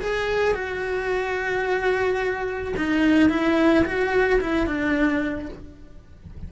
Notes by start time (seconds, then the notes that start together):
0.00 G#4
0.54 F#4
2.77 D#4
3.29 E4
3.84 F#4
4.40 E4
4.66 D4